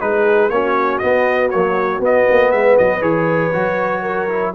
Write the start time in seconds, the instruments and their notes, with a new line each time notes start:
0.00 tuba G#3, trombone D#4, horn G#4, trumpet B4
0.50 tuba A#3, trombone C#4, horn F#4, trumpet C#5
0.98 trombone B3, tuba B3, trumpet D#5
1.50 trombone F#3, tuba A#3, trumpet C#5
1.99 tuba B3, trombone B3, trumpet D#5
2.29 tuba A#3
2.52 tuba G#3, horn B4, trumpet E5
2.78 tuba F#3, trumpet D#5
3.01 tuba E3, trombone G#4, trumpet C#5
3.53 tuba F#3, trombone F#4
4.02 horn A#4
4.29 trombone E4